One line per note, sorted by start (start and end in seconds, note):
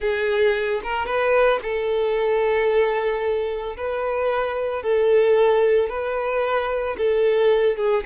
0.00 0.81 G#4
0.83 1.05 A#4
1.05 1.59 B4
1.62 3.76 A4
3.76 4.82 B4
4.82 5.89 A4
5.89 6.96 B4
6.97 7.77 A4
7.77 8.03 G#4